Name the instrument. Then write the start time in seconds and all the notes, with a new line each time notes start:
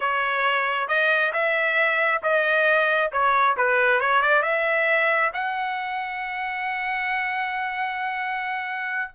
trumpet
0.00 C#5
0.87 D#5
1.32 E5
2.22 D#5
3.12 C#5
3.56 B4
4.00 C#5
4.21 D5
4.42 E5
5.33 F#5